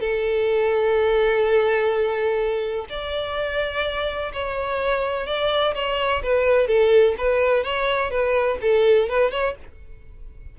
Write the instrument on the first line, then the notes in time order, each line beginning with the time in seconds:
violin
0.00 A4
2.89 D5
4.33 C#5
5.26 D5
5.74 C#5
6.23 B4
6.67 A4
7.17 B4
7.63 C#5
8.10 B4
8.61 A4
9.09 B4
9.31 C#5